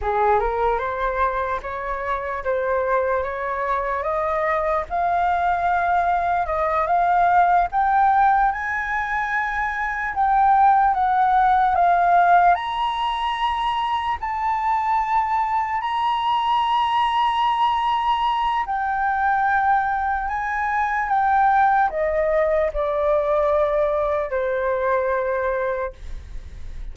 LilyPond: \new Staff \with { instrumentName = "flute" } { \time 4/4 \tempo 4 = 74 gis'8 ais'8 c''4 cis''4 c''4 | cis''4 dis''4 f''2 | dis''8 f''4 g''4 gis''4.~ | gis''8 g''4 fis''4 f''4 ais''8~ |
ais''4. a''2 ais''8~ | ais''2. g''4~ | g''4 gis''4 g''4 dis''4 | d''2 c''2 | }